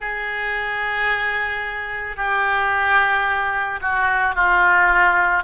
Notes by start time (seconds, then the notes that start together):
0.00 G#4
2.16 G4
3.81 F#4
4.35 F4